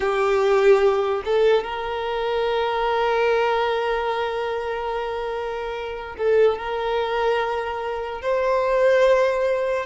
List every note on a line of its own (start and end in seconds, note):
0.00 1.22 G4
1.24 1.63 A4
1.63 6.15 A#4
6.17 6.58 A4
6.58 8.21 A#4
8.21 9.86 C5